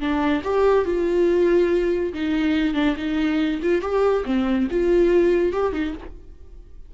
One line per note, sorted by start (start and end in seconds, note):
0.00 0.43 D4
0.44 0.85 G4
0.85 2.13 F4
2.14 2.75 D#4
2.75 2.96 D4
2.97 3.61 D#4
3.62 3.82 F4
3.82 4.24 G4
4.25 4.68 C4
4.71 5.53 F4
5.53 5.73 G4
5.73 5.94 D#4